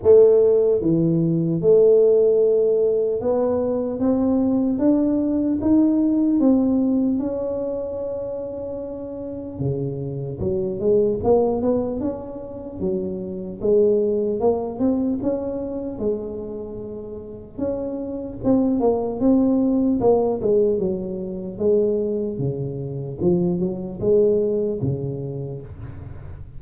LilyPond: \new Staff \with { instrumentName = "tuba" } { \time 4/4 \tempo 4 = 75 a4 e4 a2 | b4 c'4 d'4 dis'4 | c'4 cis'2. | cis4 fis8 gis8 ais8 b8 cis'4 |
fis4 gis4 ais8 c'8 cis'4 | gis2 cis'4 c'8 ais8 | c'4 ais8 gis8 fis4 gis4 | cis4 f8 fis8 gis4 cis4 | }